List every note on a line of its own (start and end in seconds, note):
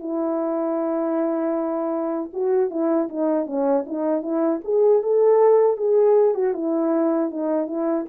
0.00 2.31 E4
2.34 2.71 F#4
2.71 3.09 E4
3.10 3.47 D#4
3.47 3.85 C#4
3.87 4.23 D#4
4.23 4.61 E4
4.65 5.03 G#4
5.03 5.78 A4
5.78 6.35 G#4
6.35 6.54 F#4
6.54 7.31 E4
7.31 7.67 D#4
7.67 8.06 E4